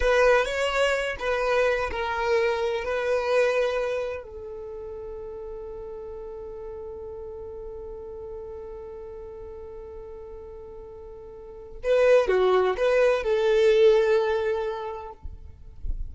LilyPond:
\new Staff \with { instrumentName = "violin" } { \time 4/4 \tempo 4 = 127 b'4 cis''4. b'4. | ais'2 b'2~ | b'4 a'2.~ | a'1~ |
a'1~ | a'1~ | a'4 b'4 fis'4 b'4 | a'1 | }